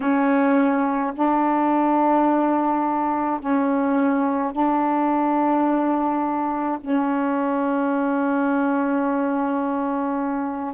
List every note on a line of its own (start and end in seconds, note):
0.00 1.13 C#4
1.14 3.40 D4
3.40 4.52 C#4
4.52 6.79 D4
6.80 10.74 C#4